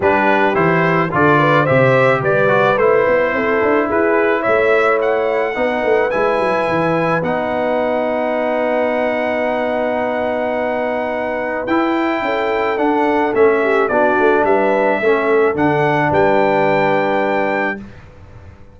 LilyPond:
<<
  \new Staff \with { instrumentName = "trumpet" } { \time 4/4 \tempo 4 = 108 b'4 c''4 d''4 e''4 | d''4 c''2 b'4 | e''4 fis''2 gis''4~ | gis''4 fis''2.~ |
fis''1~ | fis''4 g''2 fis''4 | e''4 d''4 e''2 | fis''4 g''2. | }
  \new Staff \with { instrumentName = "horn" } { \time 4/4 g'2 a'8 b'8 c''4 | b'2 a'4 gis'4 | cis''2 b'2~ | b'1~ |
b'1~ | b'2 a'2~ | a'8 g'8 fis'4 b'4 a'4~ | a'4 b'2. | }
  \new Staff \with { instrumentName = "trombone" } { \time 4/4 d'4 e'4 f'4 g'4~ | g'8 fis'8 e'2.~ | e'2 dis'4 e'4~ | e'4 dis'2.~ |
dis'1~ | dis'4 e'2 d'4 | cis'4 d'2 cis'4 | d'1 | }
  \new Staff \with { instrumentName = "tuba" } { \time 4/4 g4 e4 d4 c4 | g4 a8 b8 c'8 d'8 e'4 | a2 b8 a8 gis8 fis8 | e4 b2.~ |
b1~ | b4 e'4 cis'4 d'4 | a4 b8 a8 g4 a4 | d4 g2. | }
>>